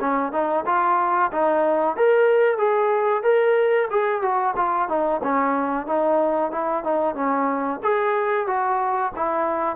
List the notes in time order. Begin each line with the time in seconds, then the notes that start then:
0.00 C#4
0.32 D#4
0.66 F4
1.31 D#4
1.96 A#4
2.57 G#4
3.23 A#4
3.90 G#4
4.22 F#4
4.56 F4
4.88 D#4
5.23 C#4
5.86 D#4
6.51 E4
6.84 D#4
7.14 C#4
7.83 G#4
8.47 F#4
9.16 E4